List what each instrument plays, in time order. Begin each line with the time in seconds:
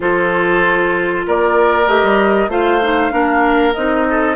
0.00 bassoon F3, clarinet F4, oboe A4, flute C5
1.27 bassoon A#3, oboe A#4, flute D5
1.86 bassoon A3, clarinet G4, flute D#5
2.03 bassoon G3
2.48 bassoon A3, clarinet F4, oboe C5, flute F5
2.81 clarinet D#4
3.10 bassoon A#3, clarinet D4, oboe A#4
3.74 bassoon C4, clarinet D#4, flute D#5
4.09 oboe A4